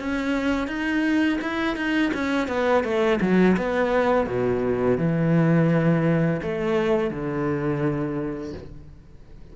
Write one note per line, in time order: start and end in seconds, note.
0.00 0.68 C#4
0.68 1.39 D#4
1.42 1.77 E4
1.77 2.12 D#4
2.14 2.48 C#4
2.48 2.84 B3
2.84 3.20 A3
3.21 3.57 F#3
3.57 4.27 B3
4.27 4.98 B2
4.98 6.41 E3
6.43 7.11 A3
7.11 8.54 D3